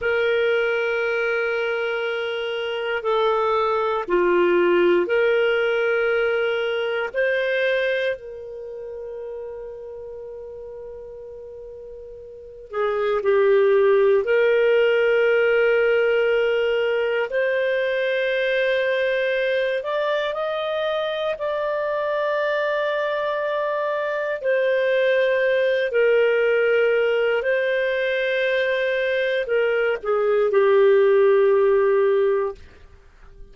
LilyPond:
\new Staff \with { instrumentName = "clarinet" } { \time 4/4 \tempo 4 = 59 ais'2. a'4 | f'4 ais'2 c''4 | ais'1~ | ais'8 gis'8 g'4 ais'2~ |
ais'4 c''2~ c''8 d''8 | dis''4 d''2. | c''4. ais'4. c''4~ | c''4 ais'8 gis'8 g'2 | }